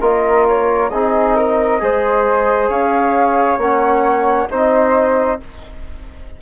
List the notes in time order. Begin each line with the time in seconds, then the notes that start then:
0.00 A#3 F4 A#4 D#5
0.48 C#5
0.89 C4 D#4 G#4 D#5
1.35 A#4
1.79 G#3 G#4 C5
2.68 C#4 C#5 F5
3.57 A#3 C#4 F#5
4.50 C4 D#4 C5 D#5